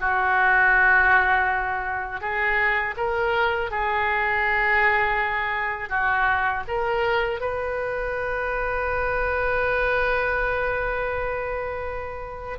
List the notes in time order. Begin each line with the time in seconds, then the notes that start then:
0.00 F#4
2.21 G#4
2.97 A#4
3.71 G#4
5.90 F#4
6.68 A#4
7.40 B4